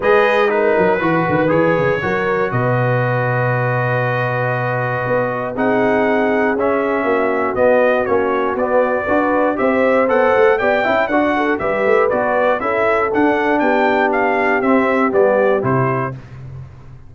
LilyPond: <<
  \new Staff \with { instrumentName = "trumpet" } { \time 4/4 \tempo 4 = 119 dis''4 b'2 cis''4~ | cis''4 dis''2.~ | dis''2. fis''4~ | fis''4 e''2 dis''4 |
cis''4 d''2 e''4 | fis''4 g''4 fis''4 e''4 | d''4 e''4 fis''4 g''4 | f''4 e''4 d''4 c''4 | }
  \new Staff \with { instrumentName = "horn" } { \time 4/4 b'4 ais'4 b'2 | ais'4 b'2.~ | b'2. gis'4~ | gis'2 fis'2~ |
fis'2 b'4 c''4~ | c''4 d''8 e''8 d''8 a'8 b'4~ | b'4 a'2 g'4~ | g'1 | }
  \new Staff \with { instrumentName = "trombone" } { \time 4/4 gis'4 dis'4 fis'4 gis'4 | fis'1~ | fis'2. dis'4~ | dis'4 cis'2 b4 |
cis'4 b4 fis'4 g'4 | a'4 g'8 e'8 fis'4 g'4 | fis'4 e'4 d'2~ | d'4 c'4 b4 e'4 | }
  \new Staff \with { instrumentName = "tuba" } { \time 4/4 gis4. fis8 e8 dis8 e8 cis8 | fis4 b,2.~ | b,2 b4 c'4~ | c'4 cis'4 ais4 b4 |
ais4 b4 d'4 c'4 | b8 a8 b8 cis'8 d'4 g8 a8 | b4 cis'4 d'4 b4~ | b4 c'4 g4 c4 | }
>>